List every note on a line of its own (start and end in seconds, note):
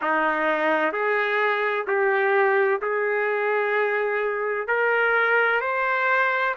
0.01 0.92 D#4
0.92 1.86 G#4
1.87 2.80 G4
2.81 4.67 G#4
4.67 5.60 A#4
5.60 6.54 C5